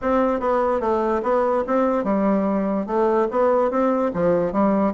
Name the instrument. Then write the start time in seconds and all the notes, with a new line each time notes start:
bassoon
0.01 C4
0.39 B3
0.80 A3
1.22 B3
1.66 C4
2.04 G3
2.86 A3
3.30 B3
3.70 C4
4.13 F3
4.52 G3